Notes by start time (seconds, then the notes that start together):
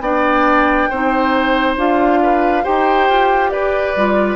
0.00 B3 D4 D5 G5
0.89 C4 D#4 C5
1.77 D4 F4 F5
2.22 B4
2.63 D#4 G4 C5 G5
3.09 F4
3.50 G4 B4 D5
3.96 G3 F4